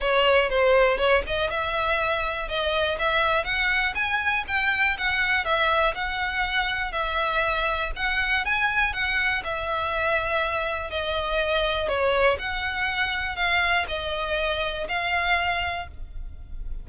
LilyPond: \new Staff \with { instrumentName = "violin" } { \time 4/4 \tempo 4 = 121 cis''4 c''4 cis''8 dis''8 e''4~ | e''4 dis''4 e''4 fis''4 | gis''4 g''4 fis''4 e''4 | fis''2 e''2 |
fis''4 gis''4 fis''4 e''4~ | e''2 dis''2 | cis''4 fis''2 f''4 | dis''2 f''2 | }